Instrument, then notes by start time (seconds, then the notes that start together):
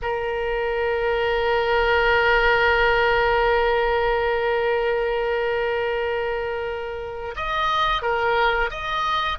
oboe
0.02 A#4
7.36 D#5
8.01 A#4
8.70 D#5